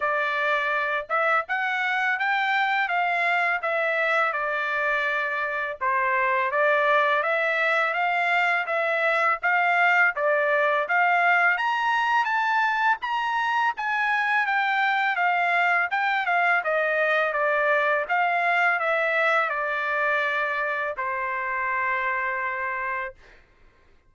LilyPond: \new Staff \with { instrumentName = "trumpet" } { \time 4/4 \tempo 4 = 83 d''4. e''8 fis''4 g''4 | f''4 e''4 d''2 | c''4 d''4 e''4 f''4 | e''4 f''4 d''4 f''4 |
ais''4 a''4 ais''4 gis''4 | g''4 f''4 g''8 f''8 dis''4 | d''4 f''4 e''4 d''4~ | d''4 c''2. | }